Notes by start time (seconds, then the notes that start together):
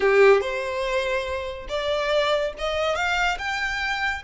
0.00 G4
0.40 C5
1.68 D5
2.58 D#5
2.95 F5
3.38 G5